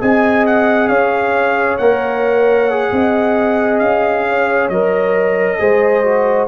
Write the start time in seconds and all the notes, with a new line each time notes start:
0.00 C4 G#4 D#5 G#5
0.46 F#5
0.88 C#4 C#5 F5
1.78 A#3 A#4 F#5
2.70 G#4
2.92 C4 D#5
3.79 C#4 F5
4.29 C#5
4.69 F#3 A#4 D#5
5.59 G#3 G#4 C5
6.04 F#4